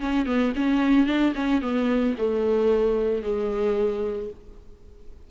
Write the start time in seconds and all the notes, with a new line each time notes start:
0.00 C#4
0.26 B3
0.56 C#4
1.06 D4
1.35 C#4
1.61 B3
2.18 A3
3.23 G#3